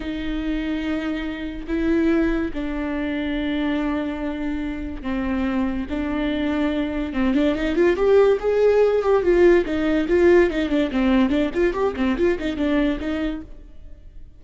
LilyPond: \new Staff \with { instrumentName = "viola" } { \time 4/4 \tempo 4 = 143 dis'1 | e'2 d'2~ | d'1 | c'2 d'2~ |
d'4 c'8 d'8 dis'8 f'8 g'4 | gis'4. g'8 f'4 dis'4 | f'4 dis'8 d'8 c'4 d'8 f'8 | g'8 c'8 f'8 dis'8 d'4 dis'4 | }